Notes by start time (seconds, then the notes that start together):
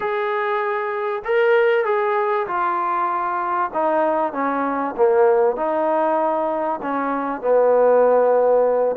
0.00 G#4
1.24 A#4
1.84 G#4
2.47 F4
3.73 D#4
4.32 C#4
4.96 A#3
5.56 D#4
6.82 C#4
7.41 B3